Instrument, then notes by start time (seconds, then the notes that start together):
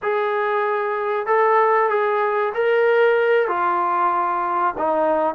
trombone
0.02 G#4
1.26 A4
1.89 G#4
2.54 A#4
3.47 F4
4.77 D#4